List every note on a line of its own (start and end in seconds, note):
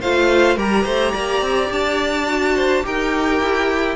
0.00 0.56 A3
0.00 0.57 F4
0.00 0.56 C5
0.00 0.58 F5
0.56 0.84 G3
0.56 2.27 G4
0.56 0.83 A#4
0.56 1.71 A#5
0.83 1.13 A3
0.83 1.11 C5
1.11 1.41 A#3
1.11 2.53 D5
1.41 1.69 C4
1.70 2.83 D4
1.70 2.85 A5
2.27 2.83 F#4
2.55 2.83 C5
2.83 3.40 D#4
2.83 3.95 G4
2.83 3.95 A#4
2.83 3.95 G5
3.40 3.95 E4